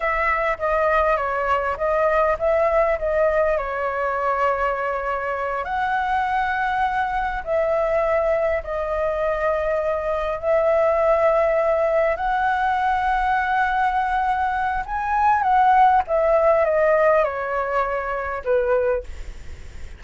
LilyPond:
\new Staff \with { instrumentName = "flute" } { \time 4/4 \tempo 4 = 101 e''4 dis''4 cis''4 dis''4 | e''4 dis''4 cis''2~ | cis''4. fis''2~ fis''8~ | fis''8 e''2 dis''4.~ |
dis''4. e''2~ e''8~ | e''8 fis''2.~ fis''8~ | fis''4 gis''4 fis''4 e''4 | dis''4 cis''2 b'4 | }